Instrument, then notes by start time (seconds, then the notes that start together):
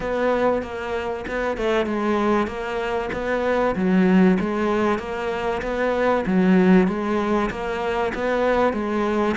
cello
0.00 B3
0.62 A#3
1.27 B3
1.57 A3
1.86 G#3
2.47 A#3
3.12 B3
3.75 F#3
4.39 G#3
4.99 A#3
5.62 B3
6.26 F#3
6.87 G#3
7.50 A#3
8.14 B3
8.73 G#3